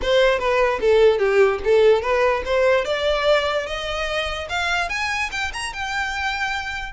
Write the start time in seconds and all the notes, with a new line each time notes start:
0.01 C5
0.39 B4
0.80 A4
1.18 G4
1.64 A4
2.02 B4
2.45 C5
2.85 D5
3.66 D#5
4.49 F5
4.89 G#5
5.31 G5
5.53 A#5
5.73 G5